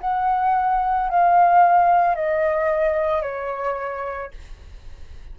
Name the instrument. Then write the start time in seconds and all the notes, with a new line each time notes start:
flute
0.00 F#5
1.09 F5
2.15 D#5
3.22 C#5